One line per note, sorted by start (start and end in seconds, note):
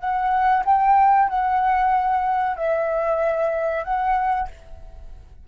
0.00 0.64 F#5
0.65 1.29 G5
1.29 2.56 F#5
2.56 3.84 E5
3.84 4.48 F#5